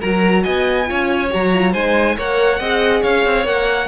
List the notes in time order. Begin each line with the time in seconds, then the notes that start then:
0.00 F#3 F#4 A#4 A#5
0.44 B3 D#5 G#5
0.86 C#4 F4 C#5
1.31 F#3 F#4 A#5
1.55 F4
1.73 G#3 D#4 C5 G#5
2.17 A#3 A#4 C#5 F#5
2.60 C4 G#4 D#5
3.02 C#4 C#5 F5
3.26 C4
3.44 A#3 A#4 F#5